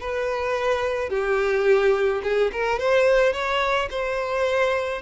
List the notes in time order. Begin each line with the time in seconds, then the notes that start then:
0.00 B4
1.09 G4
2.23 G#4
2.52 A#4
2.79 C5
3.32 C#5
3.90 C5